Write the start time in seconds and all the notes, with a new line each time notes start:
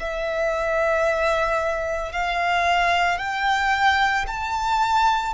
0.00 E5
2.12 F5
3.19 G5
4.28 A5